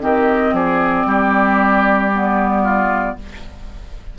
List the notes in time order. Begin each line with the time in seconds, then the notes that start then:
0.00 D#3 C4 G4 D#5
0.53 F3 G#4 D5
1.05 G3 G4
2.14 B3
2.63 F4